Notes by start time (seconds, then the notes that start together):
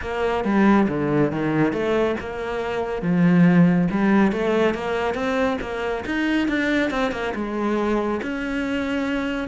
0.01 A#3
0.44 G3
0.88 D3
1.31 D#3
1.72 A3
2.20 A#3
3.01 F3
3.90 G3
4.32 A3
4.74 A#3
5.14 C4
5.61 A#3
6.05 D#4
6.48 D4
6.90 C4
7.11 A#3
7.34 G#3
8.22 C#4